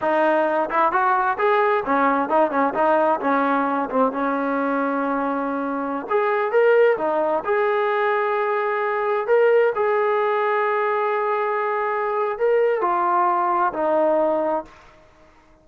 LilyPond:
\new Staff \with { instrumentName = "trombone" } { \time 4/4 \tempo 4 = 131 dis'4. e'8 fis'4 gis'4 | cis'4 dis'8 cis'8 dis'4 cis'4~ | cis'8 c'8 cis'2.~ | cis'4~ cis'16 gis'4 ais'4 dis'8.~ |
dis'16 gis'2.~ gis'8.~ | gis'16 ais'4 gis'2~ gis'8.~ | gis'2. ais'4 | f'2 dis'2 | }